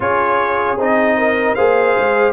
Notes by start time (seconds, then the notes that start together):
0.00 C#4 F4 G#4 C#5
0.76 C4 D#4 D#5
1.17 A#4
1.55 A#3 G#4 C5 F5
1.97 G#3